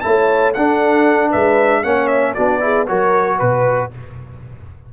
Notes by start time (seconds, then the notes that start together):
0.00 A3 E4 C#5 A5
0.54 D4 A4 F#5
1.30 G#3 B4 E5
1.83 A#3 C#4 C#5 F#5
2.07 E5
2.34 B3 D4 F#4 D5
2.60 E4 G#4
2.87 F#3 F#4 A#4 C#5
3.38 B2 B4